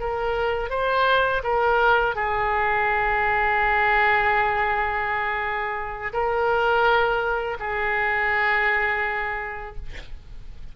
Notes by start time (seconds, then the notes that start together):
0.00 A#4
0.70 C5
1.44 A#4
2.16 G#4
6.13 A#4
7.60 G#4